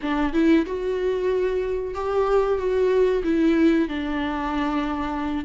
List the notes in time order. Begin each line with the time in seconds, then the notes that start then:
0.01 D4
0.33 E4
0.66 F#4
1.94 G4
2.58 F#4
3.23 E4
3.88 D4